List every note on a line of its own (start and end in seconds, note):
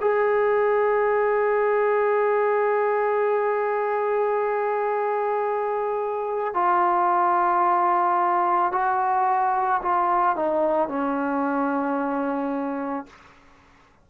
0.00 6.54 G#4
6.54 8.72 F4
8.72 9.81 F#4
9.82 10.36 F4
10.36 10.88 D#4
10.88 13.06 C#4